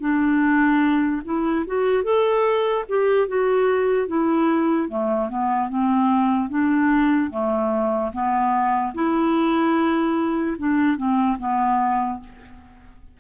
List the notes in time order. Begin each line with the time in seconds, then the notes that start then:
0.00 D4
1.25 E4
1.67 F#4
2.03 A4
2.89 G4
3.28 F#4
4.08 E4
4.89 A3
5.29 B3
5.69 C4
6.50 D4
7.31 A3
8.13 B3
8.94 E4
10.58 D4
10.97 C4
11.39 B3